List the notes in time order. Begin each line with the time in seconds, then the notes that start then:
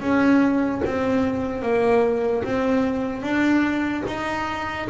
0.00 C#4
0.85 C4
1.62 A#3
2.44 C4
3.22 D4
4.07 D#4